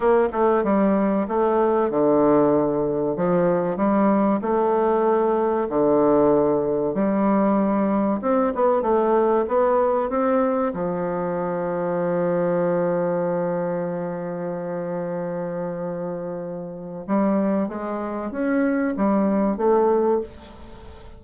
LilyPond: \new Staff \with { instrumentName = "bassoon" } { \time 4/4 \tempo 4 = 95 ais8 a8 g4 a4 d4~ | d4 f4 g4 a4~ | a4 d2 g4~ | g4 c'8 b8 a4 b4 |
c'4 f2.~ | f1~ | f2. g4 | gis4 cis'4 g4 a4 | }